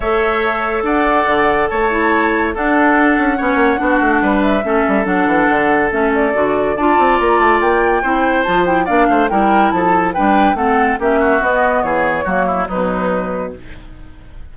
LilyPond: <<
  \new Staff \with { instrumentName = "flute" } { \time 4/4 \tempo 4 = 142 e''2 fis''2 | a''2 fis''2~ | fis''2~ fis''8 e''4. | fis''2 e''8 d''4. |
a''4 ais''8 a''8 g''2 | a''8 g''8 f''4 g''4 a''4 | g''4 fis''4 e''4 dis''4 | cis''2 b'2 | }
  \new Staff \with { instrumentName = "oboe" } { \time 4/4 cis''2 d''2 | cis''2 a'2 | cis''4 fis'4 b'4 a'4~ | a'1 |
d''2. c''4~ | c''4 d''8 c''8 ais'4 a'4 | b'4 a'4 g'8 fis'4. | gis'4 fis'8 e'8 dis'2 | }
  \new Staff \with { instrumentName = "clarinet" } { \time 4/4 a'1~ | a'8 e'4. d'2 | cis'4 d'2 cis'4 | d'2 cis'4 fis'4 |
f'2. e'4 | f'8 e'8 d'4 e'2 | d'4 c'4 cis'4 b4~ | b4 ais4 fis2 | }
  \new Staff \with { instrumentName = "bassoon" } { \time 4/4 a2 d'4 d4 | a2 d'4. cis'8 | b8 ais8 b8 a8 g4 a8 g8 | fis8 e8 d4 a4 d4 |
d'8 c'8 ais8 a8 ais4 c'4 | f4 ais8 a8 g4 f4 | g4 a4 ais4 b4 | e4 fis4 b,2 | }
>>